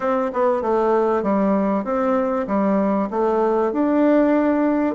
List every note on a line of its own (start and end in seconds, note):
0.00 0.31 C4
0.33 0.62 B3
0.62 1.22 A3
1.22 1.84 G3
1.84 2.46 C4
2.47 3.09 G3
3.10 3.72 A3
3.72 4.95 D4